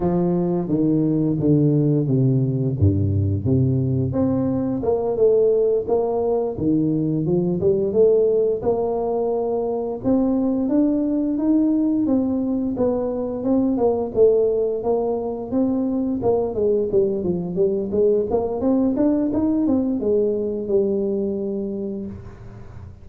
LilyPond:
\new Staff \with { instrumentName = "tuba" } { \time 4/4 \tempo 4 = 87 f4 dis4 d4 c4 | g,4 c4 c'4 ais8 a8~ | a8 ais4 dis4 f8 g8 a8~ | a8 ais2 c'4 d'8~ |
d'8 dis'4 c'4 b4 c'8 | ais8 a4 ais4 c'4 ais8 | gis8 g8 f8 g8 gis8 ais8 c'8 d'8 | dis'8 c'8 gis4 g2 | }